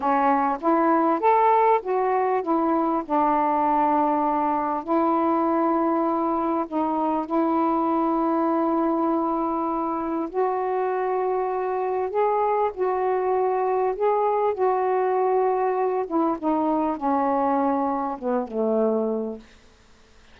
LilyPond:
\new Staff \with { instrumentName = "saxophone" } { \time 4/4 \tempo 4 = 99 cis'4 e'4 a'4 fis'4 | e'4 d'2. | e'2. dis'4 | e'1~ |
e'4 fis'2. | gis'4 fis'2 gis'4 | fis'2~ fis'8 e'8 dis'4 | cis'2 b8 a4. | }